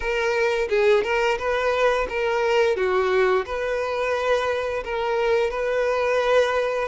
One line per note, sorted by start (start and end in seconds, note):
0.00 0.68 A#4
0.69 1.03 G#4
1.03 1.38 A#4
1.38 2.07 B4
2.09 2.76 A#4
2.76 3.45 F#4
3.45 4.83 B4
4.84 5.50 A#4
5.50 6.88 B4